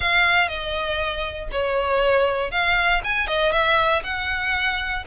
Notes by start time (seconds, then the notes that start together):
0.00 F5
0.48 D#5
1.51 C#5
2.51 F5
3.03 G#5
3.27 D#5
3.52 E5
4.03 F#5